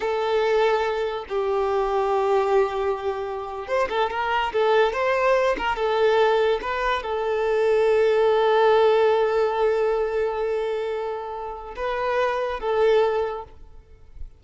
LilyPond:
\new Staff \with { instrumentName = "violin" } { \time 4/4 \tempo 4 = 143 a'2. g'4~ | g'1~ | g'8. c''8 a'8 ais'4 a'4 c''16~ | c''4~ c''16 ais'8 a'2 b'16~ |
b'8. a'2.~ a'16~ | a'1~ | a'1 | b'2 a'2 | }